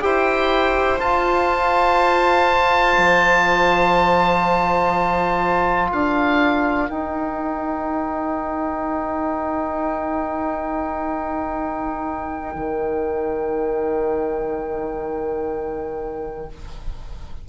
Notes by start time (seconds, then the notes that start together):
0.00 E4 G4 C5 G5
1.00 F4 A5
2.98 F3
5.90 D4 A#4 F5
6.90 D#4 G5
12.56 D#3